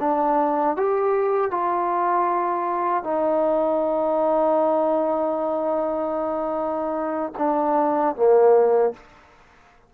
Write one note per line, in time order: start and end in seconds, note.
0.00 0.77 D4
0.77 1.51 G4
1.51 3.04 F4
3.04 7.32 D#4
7.38 8.16 D4
8.16 8.94 A#3